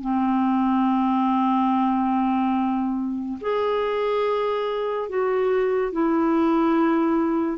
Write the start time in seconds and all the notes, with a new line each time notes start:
0.00 C4
3.40 G#4
5.09 F#4
5.92 E4